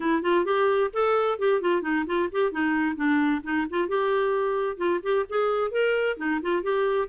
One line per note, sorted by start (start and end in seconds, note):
0.00 0.22 E4
0.22 0.45 F4
0.45 0.91 G4
0.93 1.38 A4
1.38 1.61 G4
1.61 1.82 F4
1.82 2.05 D#4
2.06 2.29 F4
2.32 2.51 G4
2.51 2.95 D#4
2.95 3.41 D4
3.43 3.66 D#4
3.70 3.88 F4
3.88 4.77 G4
4.77 5.00 F4
5.02 5.25 G4
5.29 5.71 G#4
5.71 6.17 A#4
6.17 6.40 D#4
6.41 6.62 F4
6.62 7.08 G4